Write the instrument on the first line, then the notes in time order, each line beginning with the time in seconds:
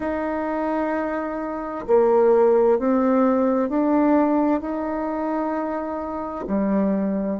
bassoon
0.00 D#4
1.87 A#3
2.79 C4
3.69 D4
4.60 D#4
6.47 G3